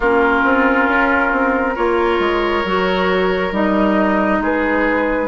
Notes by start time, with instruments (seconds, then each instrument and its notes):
0.00 bassoon A#3, clarinet C#4, oboe F4, flute A#4
0.44 bassoon C4
0.88 bassoon C#4
1.32 bassoon C4
1.74 bassoon A#3, clarinet F4, oboe A#4, flute C#5
2.19 bassoon G#3
2.64 bassoon F#3, clarinet F#4
3.51 bassoon G3, clarinet D#4, flute D#5
4.40 bassoon G#3, oboe G#4, flute B4